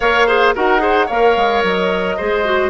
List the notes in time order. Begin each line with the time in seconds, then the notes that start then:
0.00 A#3 A#4 C#5 F5
0.26 G#4 C5
0.55 D#4 F#4 A#4 F#5
0.78 G#4 C5
1.06 A#3 A#4 C#5 F5
1.36 G#3
1.63 F#3 D#5
2.16 G#3 G#4 C5
2.44 F#4